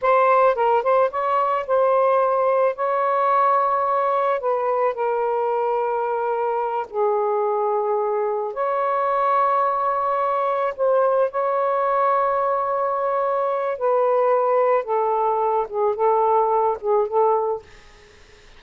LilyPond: \new Staff \with { instrumentName = "saxophone" } { \time 4/4 \tempo 4 = 109 c''4 ais'8 c''8 cis''4 c''4~ | c''4 cis''2. | b'4 ais'2.~ | ais'8 gis'2. cis''8~ |
cis''2.~ cis''8 c''8~ | c''8 cis''2.~ cis''8~ | cis''4 b'2 a'4~ | a'8 gis'8 a'4. gis'8 a'4 | }